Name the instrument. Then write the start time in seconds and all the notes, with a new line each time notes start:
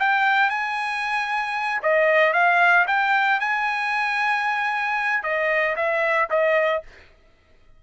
trumpet
0.00 G5
0.50 G#5
1.83 D#5
2.34 F5
2.88 G5
3.40 G#5
5.23 D#5
5.76 E5
6.31 D#5